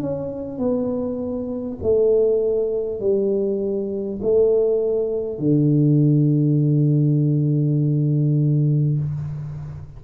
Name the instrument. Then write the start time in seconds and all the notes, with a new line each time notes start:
tuba
0.00 C#4
0.58 B3
1.83 A3
3.00 G3
4.22 A3
5.39 D3